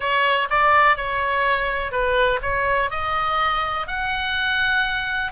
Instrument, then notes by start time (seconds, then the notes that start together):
oboe
0.00 C#5
0.50 D5
0.96 C#5
1.91 B4
2.42 C#5
2.90 D#5
3.87 F#5